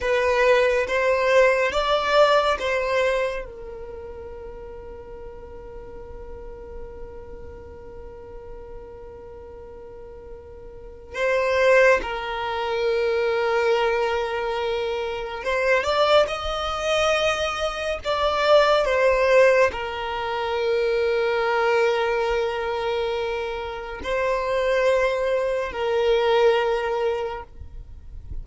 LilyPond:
\new Staff \with { instrumentName = "violin" } { \time 4/4 \tempo 4 = 70 b'4 c''4 d''4 c''4 | ais'1~ | ais'1~ | ais'4 c''4 ais'2~ |
ais'2 c''8 d''8 dis''4~ | dis''4 d''4 c''4 ais'4~ | ais'1 | c''2 ais'2 | }